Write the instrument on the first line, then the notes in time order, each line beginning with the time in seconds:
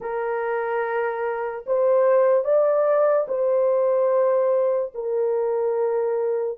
horn
0.00 A#4
1.66 C5
2.44 D5
3.28 C5
4.94 A#4